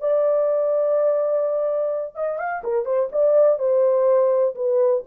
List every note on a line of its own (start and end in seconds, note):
0.00 2.15 D5
2.15 2.39 D#5
2.39 2.63 F5
2.64 2.85 A#4
2.85 3.09 C5
3.12 3.59 D5
3.59 4.55 C5
4.56 5.04 B4